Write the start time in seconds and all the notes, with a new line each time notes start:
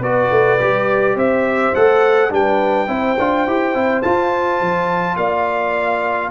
0.00 B3 F#4 B4 D5
0.31 A3
0.60 G3 G4
1.15 C4 C5 E5
1.75 A3 A4 F#5
2.30 G3 D4 B4 G5
2.88 C4 E4 C5
3.19 D4 F4
3.47 E4 G4
3.75 C4 E4
4.02 F4 A5
4.61 F3
5.17 A#3 D5 F5